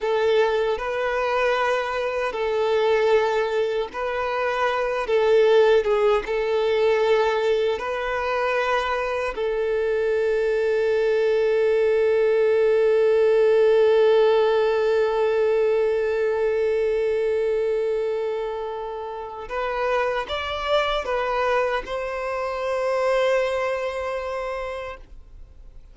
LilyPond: \new Staff \with { instrumentName = "violin" } { \time 4/4 \tempo 4 = 77 a'4 b'2 a'4~ | a'4 b'4. a'4 gis'8 | a'2 b'2 | a'1~ |
a'1~ | a'1~ | a'4 b'4 d''4 b'4 | c''1 | }